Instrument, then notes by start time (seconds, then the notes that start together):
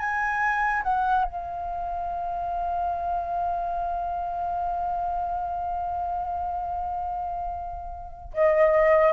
flute
0.00 G#5
0.84 F#5
1.25 F5
8.34 D#5